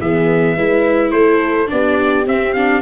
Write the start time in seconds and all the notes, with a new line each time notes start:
0.00 E3 B3 G#4 E5
0.55 G#3 E4 B4
1.11 A3 A4 C5
1.67 B3 D4 G4 D5
2.26 C4 E5
2.53 D4 F5